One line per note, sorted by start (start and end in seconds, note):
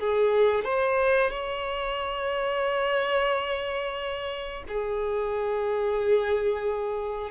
0.00 0.65 G#4
0.65 1.31 C5
1.31 4.64 C#5
4.68 7.31 G#4